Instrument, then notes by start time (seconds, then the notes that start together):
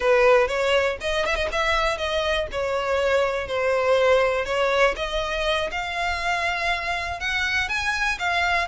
violin
0.00 B4
0.47 C#5
1.01 D#5
1.25 E5
1.35 D#5
1.51 E5
1.97 D#5
2.51 C#5
3.47 C5
4.45 C#5
4.96 D#5
5.71 F5
7.19 F#5
7.68 G#5
8.18 F5